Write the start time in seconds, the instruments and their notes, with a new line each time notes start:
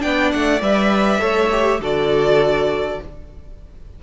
0.00 cello B3, viola D4, violin D5 G5
0.32 cello A3, violin F#5
0.62 cello G3, viola B4, violin E5
1.19 cello A3, viola A4, violin C#5
1.52 viola G4
1.80 cello D3, viola F#4, violin A4 D5